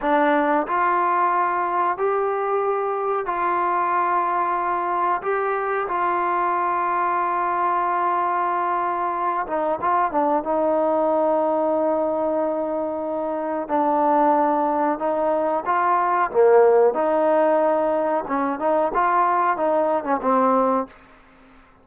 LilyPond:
\new Staff \with { instrumentName = "trombone" } { \time 4/4 \tempo 4 = 92 d'4 f'2 g'4~ | g'4 f'2. | g'4 f'2.~ | f'2~ f'8 dis'8 f'8 d'8 |
dis'1~ | dis'4 d'2 dis'4 | f'4 ais4 dis'2 | cis'8 dis'8 f'4 dis'8. cis'16 c'4 | }